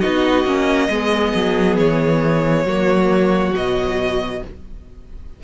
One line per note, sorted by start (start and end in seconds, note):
0.00 0.45 B3
0.00 0.46 D#4
0.00 0.88 F#4
0.00 1.77 D#5
0.45 0.89 A#3
0.45 0.90 C#4
0.90 1.34 G#3
0.90 2.67 B3
0.90 2.66 G#4
1.35 1.78 F#3
1.78 2.65 E3
1.78 3.55 C#5
2.65 3.53 F#3
2.65 3.53 A#3
2.65 4.42 F#4
3.53 4.42 B2
3.53 4.42 F#3
3.53 4.44 D#5